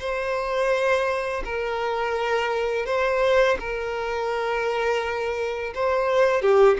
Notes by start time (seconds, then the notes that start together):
0.00 C5
1.44 A#4
2.86 C5
3.59 A#4
5.75 C5
6.42 G4